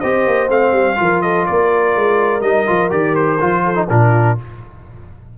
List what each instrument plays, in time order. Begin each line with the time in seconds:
0.00 tuba C4, trombone G4, horn C5, trumpet D#5
0.27 tuba A#3
0.49 tuba A3, trombone C4, trumpet F5
0.72 tuba G3
0.96 tuba F3, trombone F4, horn A#4
1.21 horn A4, trumpet D#5
1.46 tuba A#3, horn A#4, trumpet D5
1.95 tuba G#3
2.41 tuba G3, trombone D#4, trumpet D#5
2.67 tuba F3, trombone F4
2.90 tuba D#3, trombone G4, trumpet D5
3.15 trumpet C5
3.40 tuba F3, trombone F4
3.64 horn A4
3.75 trombone D#4
3.89 tuba A#2, trombone D4, horn F4, trumpet A#4